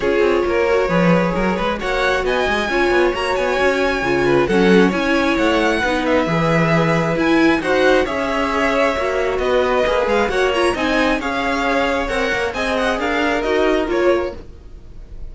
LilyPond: <<
  \new Staff \with { instrumentName = "violin" } { \time 4/4 \tempo 4 = 134 cis''1 | fis''4 gis''2 ais''8 gis''8~ | gis''2 fis''4 gis''4 | fis''4. e''2~ e''8 |
gis''4 fis''4 e''2~ | e''4 dis''4. f''8 fis''8 ais''8 | gis''4 f''2 fis''4 | gis''8 fis''8 f''4 dis''4 cis''4 | }
  \new Staff \with { instrumentName = "violin" } { \time 4/4 gis'4 ais'4 b'4 ais'8 b'8 | cis''4 dis''4 cis''2~ | cis''4. b'8 a'4 cis''4~ | cis''4 b'2.~ |
b'4 c''4 cis''2~ | cis''4 b'2 cis''4 | dis''4 cis''2. | dis''4 ais'2. | }
  \new Staff \with { instrumentName = "viola" } { \time 4/4 f'4. fis'8 gis'2 | fis'2 f'4 fis'4~ | fis'4 f'4 cis'4 e'4~ | e'4 dis'4 gis'2 |
e'4 fis'4 gis'2 | fis'2 gis'4 fis'8 f'8 | dis'4 gis'2 ais'4 | gis'2 fis'4 f'4 | }
  \new Staff \with { instrumentName = "cello" } { \time 4/4 cis'8 c'8 ais4 f4 fis8 gis8 | ais4 b8 gis8 cis'8 b8 ais8 b8 | cis'4 cis4 fis4 cis'4 | a4 b4 e2 |
e'4 dis'4 cis'2 | ais4 b4 ais8 gis8 ais4 | c'4 cis'2 c'8 ais8 | c'4 d'4 dis'4 ais4 | }
>>